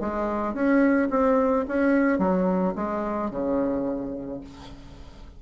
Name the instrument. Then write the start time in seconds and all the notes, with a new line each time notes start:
bassoon
0.00 G#3
0.54 C#4
1.10 C4
1.67 C#4
2.18 F#3
2.75 G#3
3.30 C#3